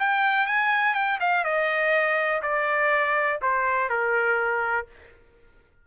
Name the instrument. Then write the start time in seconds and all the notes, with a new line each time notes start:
trumpet
0.00 G5
0.47 G#5
0.94 G5
1.20 F5
1.45 D#5
2.43 D5
3.42 C5
3.90 A#4